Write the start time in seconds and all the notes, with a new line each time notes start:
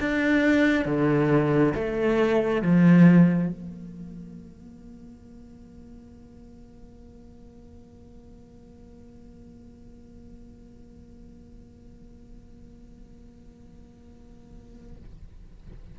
0.00 D4
0.85 D3
1.74 A3
2.62 F3
3.49 A#3